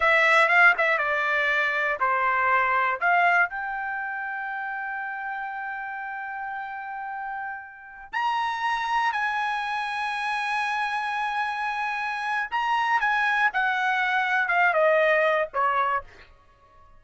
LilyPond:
\new Staff \with { instrumentName = "trumpet" } { \time 4/4 \tempo 4 = 120 e''4 f''8 e''8 d''2 | c''2 f''4 g''4~ | g''1~ | g''1~ |
g''16 ais''2 gis''4.~ gis''16~ | gis''1~ | gis''4 ais''4 gis''4 fis''4~ | fis''4 f''8 dis''4. cis''4 | }